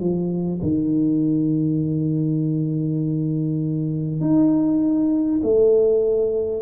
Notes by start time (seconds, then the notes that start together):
0.00 F3
0.62 D#3
4.20 D#4
5.43 A3